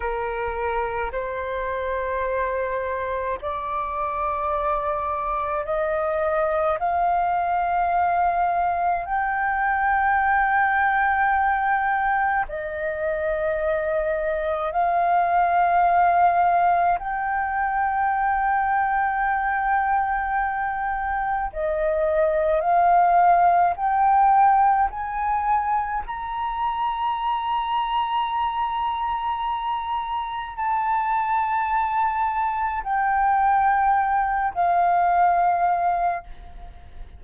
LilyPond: \new Staff \with { instrumentName = "flute" } { \time 4/4 \tempo 4 = 53 ais'4 c''2 d''4~ | d''4 dis''4 f''2 | g''2. dis''4~ | dis''4 f''2 g''4~ |
g''2. dis''4 | f''4 g''4 gis''4 ais''4~ | ais''2. a''4~ | a''4 g''4. f''4. | }